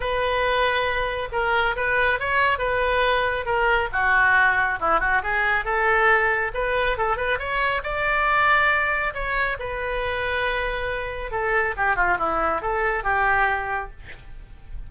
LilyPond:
\new Staff \with { instrumentName = "oboe" } { \time 4/4 \tempo 4 = 138 b'2. ais'4 | b'4 cis''4 b'2 | ais'4 fis'2 e'8 fis'8 | gis'4 a'2 b'4 |
a'8 b'8 cis''4 d''2~ | d''4 cis''4 b'2~ | b'2 a'4 g'8 f'8 | e'4 a'4 g'2 | }